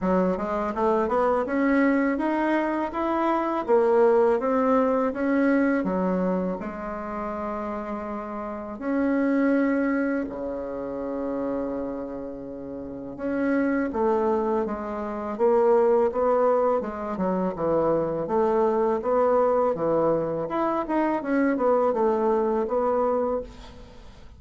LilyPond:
\new Staff \with { instrumentName = "bassoon" } { \time 4/4 \tempo 4 = 82 fis8 gis8 a8 b8 cis'4 dis'4 | e'4 ais4 c'4 cis'4 | fis4 gis2. | cis'2 cis2~ |
cis2 cis'4 a4 | gis4 ais4 b4 gis8 fis8 | e4 a4 b4 e4 | e'8 dis'8 cis'8 b8 a4 b4 | }